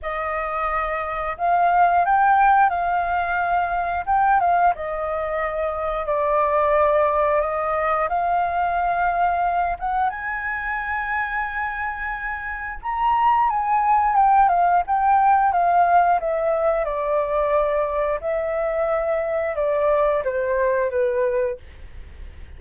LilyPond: \new Staff \with { instrumentName = "flute" } { \time 4/4 \tempo 4 = 89 dis''2 f''4 g''4 | f''2 g''8 f''8 dis''4~ | dis''4 d''2 dis''4 | f''2~ f''8 fis''8 gis''4~ |
gis''2. ais''4 | gis''4 g''8 f''8 g''4 f''4 | e''4 d''2 e''4~ | e''4 d''4 c''4 b'4 | }